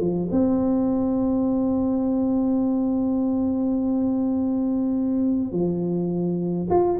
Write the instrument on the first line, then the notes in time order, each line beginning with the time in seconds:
tuba
0.00 F3
0.31 C4
5.52 F3
6.70 F4